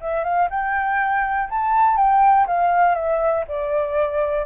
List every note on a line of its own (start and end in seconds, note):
0.00 0.23 E5
0.23 0.48 F5
0.50 1.49 G5
1.49 1.97 A5
1.97 2.46 G5
2.46 2.95 F5
2.95 3.44 E5
3.48 4.46 D5